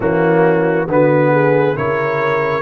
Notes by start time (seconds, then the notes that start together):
0.00 E3 A#3 C#4 F#4
0.87 D3 B3 F#4 B4
1.31 G#4
1.75 C#3 E4 A#4 C#5